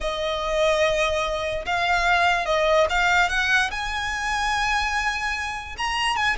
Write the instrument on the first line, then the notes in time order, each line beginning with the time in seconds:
violin
0.00 D#5
1.65 F5
2.45 D#5
2.89 F5
3.29 F#5
3.70 G#5
5.77 A#5
6.16 G#5